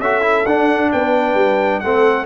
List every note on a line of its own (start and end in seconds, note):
0.00 0.45 C#4
0.00 0.22 F#4
0.00 0.92 A4
0.00 0.46 E5
0.22 0.44 E4
0.45 0.91 D4
0.45 1.84 D4
0.45 0.91 F#5
0.92 1.35 B3
0.92 1.83 B4
0.92 1.81 G5
1.35 1.80 G3
1.81 2.26 A3
1.81 2.26 C4
1.81 2.26 A4
1.81 2.26 F#5